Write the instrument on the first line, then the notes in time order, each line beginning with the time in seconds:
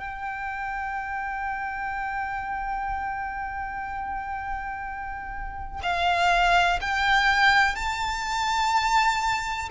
violin
0.00 G5
5.83 F5
6.81 G5
7.76 A5